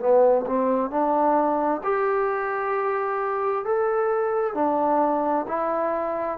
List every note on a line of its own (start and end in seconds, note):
0.00 0.45 B3
0.47 0.90 C4
0.90 1.81 D4
1.84 3.65 G4
3.65 4.55 A4
4.55 5.46 D4
5.48 6.38 E4